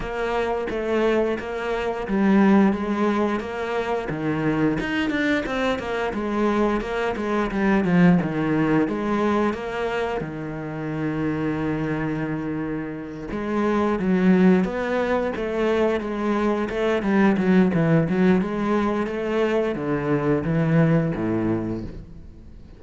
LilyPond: \new Staff \with { instrumentName = "cello" } { \time 4/4 \tempo 4 = 88 ais4 a4 ais4 g4 | gis4 ais4 dis4 dis'8 d'8 | c'8 ais8 gis4 ais8 gis8 g8 f8 | dis4 gis4 ais4 dis4~ |
dis2.~ dis8 gis8~ | gis8 fis4 b4 a4 gis8~ | gis8 a8 g8 fis8 e8 fis8 gis4 | a4 d4 e4 a,4 | }